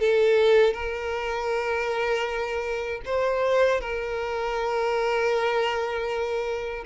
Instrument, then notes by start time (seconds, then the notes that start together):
violin
0.00 A4
0.74 A#4
3.06 C5
3.81 A#4